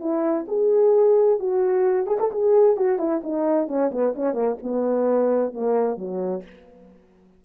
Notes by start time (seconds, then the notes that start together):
0.00 E4
0.48 G#4
1.40 F#4
2.07 G#4
2.20 A4
2.32 G#4
2.77 F#4
2.99 E4
3.24 D#4
3.68 C#4
3.92 B3
4.16 C#4
4.34 A#3
4.63 B3
5.54 A#3
5.98 F#3